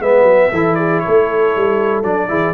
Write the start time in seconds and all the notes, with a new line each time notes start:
0.00 G#3 B3 B4 E5
0.23 F#3
0.52 E3 E4 A4
0.75 G#4 D5
1.00 A4 C#5
1.07 A3
1.56 G3
2.04 F#3 D4 D5
2.28 E3 E4 G#4